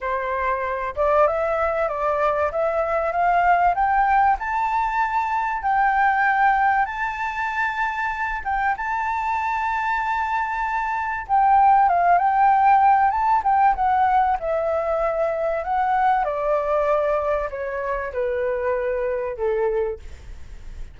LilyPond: \new Staff \with { instrumentName = "flute" } { \time 4/4 \tempo 4 = 96 c''4. d''8 e''4 d''4 | e''4 f''4 g''4 a''4~ | a''4 g''2 a''4~ | a''4. g''8 a''2~ |
a''2 g''4 f''8 g''8~ | g''4 a''8 g''8 fis''4 e''4~ | e''4 fis''4 d''2 | cis''4 b'2 a'4 | }